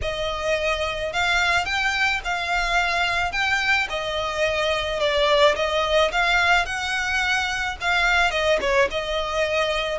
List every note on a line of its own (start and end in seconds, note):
0.01 1.12 D#5
1.12 1.65 F5
1.65 2.20 G5
2.24 3.32 F5
3.32 3.87 G5
3.89 4.99 D#5
4.99 5.55 D5
5.55 6.11 D#5
6.11 6.65 F5
6.65 7.76 F#5
7.81 8.31 F5
8.31 8.58 D#5
8.61 8.88 C#5
8.90 9.98 D#5